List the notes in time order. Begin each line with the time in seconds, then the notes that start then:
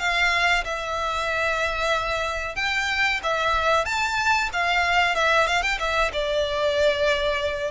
0.00 F5
0.65 E5
2.56 G5
3.24 E5
3.86 A5
4.53 F5
5.16 E5
5.48 F5
5.63 G5
5.80 E5
6.13 D5